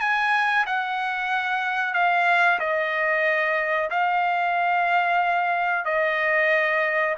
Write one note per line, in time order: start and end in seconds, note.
0.00 0.65 G#5
0.66 1.94 F#5
1.94 2.59 F5
2.59 3.90 D#5
3.90 5.85 F5
5.85 7.15 D#5